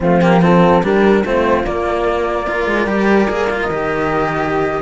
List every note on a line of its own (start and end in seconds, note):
0.00 0.82 F3
0.00 0.21 A3
0.00 0.40 C4
0.00 0.21 F4
0.21 0.41 A#3
0.21 0.41 G4
0.41 0.82 C4
0.41 0.83 F4
0.41 0.84 A4
0.82 1.23 G3
0.82 1.24 D4
0.82 1.24 G4
0.82 1.25 A#4
1.24 1.63 A3
1.24 1.66 C4
1.24 2.47 F4
1.24 1.65 C5
1.63 2.66 A#3
1.63 2.47 A#3
1.63 3.60 D5
2.47 2.87 F4
2.47 4.42 A#4
2.66 2.86 G#3
2.86 3.27 G3
2.86 3.27 G4
3.27 3.69 A#3
3.27 3.48 G#4
3.49 3.70 F4
3.61 4.82 D#5
3.69 4.82 D#3
3.69 4.82 G4
4.42 4.82 G4